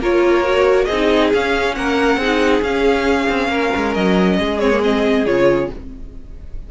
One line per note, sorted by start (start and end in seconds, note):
0.00 0.88 A#3
0.00 0.44 F4
0.00 0.86 A#4
0.00 0.85 C#5
0.44 0.88 F#4
0.85 1.33 C4
0.85 1.73 G#4
0.85 1.29 D#5
0.93 1.34 D#4
1.34 2.21 C#4
1.34 1.77 C#4
1.34 1.75 F5
1.75 2.17 A#3
1.75 2.19 A#4
1.75 2.63 F#5
2.17 2.61 C4
2.17 2.63 D#4
2.17 3.50 G#4
2.62 3.28 C#4
2.62 4.60 C#4
2.62 3.94 F5
3.29 3.48 C4
3.48 3.70 A#3
3.48 4.38 A#4
3.76 3.96 G#3
3.94 4.39 F#3
3.94 4.60 D#5
4.39 5.26 G#3
4.39 5.71 G#4
4.60 4.71 C4
4.60 4.81 C#5
4.72 4.82 A#3
4.82 5.26 C4
4.82 5.26 D#5
5.26 5.70 C#3
5.26 5.70 F4
5.26 5.70 C#5